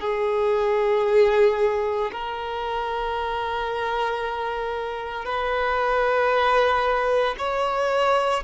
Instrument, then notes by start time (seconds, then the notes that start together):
violin
0.00 G#4
2.12 A#4
5.24 B4
7.38 C#5